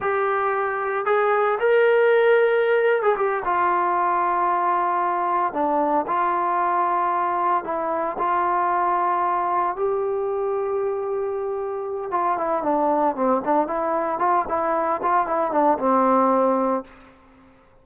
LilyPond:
\new Staff \with { instrumentName = "trombone" } { \time 4/4 \tempo 4 = 114 g'2 gis'4 ais'4~ | ais'4.~ ais'16 gis'16 g'8 f'4.~ | f'2~ f'8 d'4 f'8~ | f'2~ f'8 e'4 f'8~ |
f'2~ f'8 g'4.~ | g'2. f'8 e'8 | d'4 c'8 d'8 e'4 f'8 e'8~ | e'8 f'8 e'8 d'8 c'2 | }